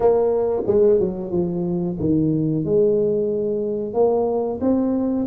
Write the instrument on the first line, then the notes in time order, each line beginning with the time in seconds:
tuba
0.00 A#3
0.66 G#3
0.99 F#3
1.31 F3
1.99 D#3
2.64 G#3
3.93 A#3
4.61 C4